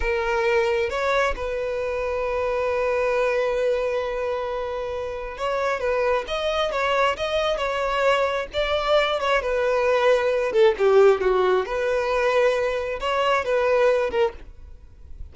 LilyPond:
\new Staff \with { instrumentName = "violin" } { \time 4/4 \tempo 4 = 134 ais'2 cis''4 b'4~ | b'1~ | b'1 | cis''4 b'4 dis''4 cis''4 |
dis''4 cis''2 d''4~ | d''8 cis''8 b'2~ b'8 a'8 | g'4 fis'4 b'2~ | b'4 cis''4 b'4. ais'8 | }